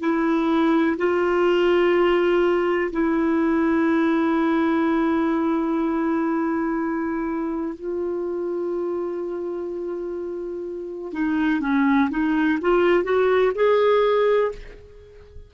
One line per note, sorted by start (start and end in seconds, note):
0.00 0.97 E4
0.98 2.91 F4
2.92 7.76 E4
7.76 11.13 F4
11.13 11.61 D#4
11.61 12.09 C#4
12.11 12.59 D#4
12.62 13.04 F4
13.04 13.53 F#4
13.56 14.52 G#4